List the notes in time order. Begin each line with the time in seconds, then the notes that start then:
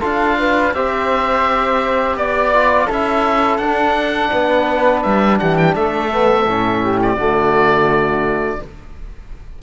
0.00 D4 F4 A4 F5
0.38 B4
0.73 C4 G4 C5 E5
2.15 B3 D5
2.53 F4
2.86 C#4 E4 A4 E5
3.57 D4 F#5
4.31 B3 B4
5.02 G3 E5
5.39 E3 G4 F#5
5.57 G5
5.75 A3 A4 E5
6.11 B3
6.46 A2 C#4
6.83 G4
7.01 D5
7.16 D3 A3 F#4